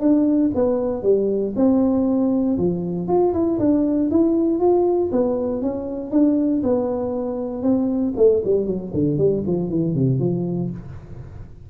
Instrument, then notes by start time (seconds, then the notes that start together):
tuba
0.00 D4
0.55 B3
1.02 G3
1.56 C4
2.57 F3
3.08 F4
3.33 E4
3.59 D4
4.10 E4
4.59 F4
5.11 B3
5.61 C#4
6.11 D4
6.63 B3
7.62 C4
8.17 A3
8.45 G3
8.66 F#3
8.93 D3
9.18 G3
9.47 F3
9.69 E3
9.94 C3
10.19 F3